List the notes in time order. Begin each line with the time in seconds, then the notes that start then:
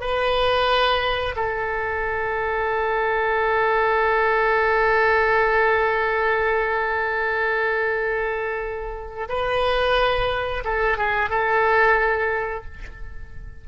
0.00 B4
1.35 A4
9.28 B4
10.64 A4
10.97 G#4
11.29 A4